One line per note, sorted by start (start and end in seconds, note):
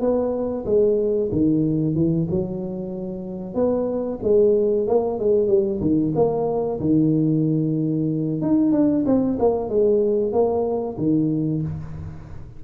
0.00 0.65 B3
0.65 1.30 G#3
1.31 1.95 D#3
1.95 2.27 E3
2.30 3.55 F#3
3.55 4.19 B3
4.23 4.87 G#3
4.87 5.19 A#3
5.19 5.48 G#3
5.48 5.80 G3
5.81 6.13 D#3
6.15 6.79 A#3
6.80 8.41 D#3
8.41 8.72 D#4
8.72 9.04 D4
9.06 9.38 C4
9.39 9.69 A#3
9.69 10.32 G#3
10.32 10.97 A#3
10.97 11.62 D#3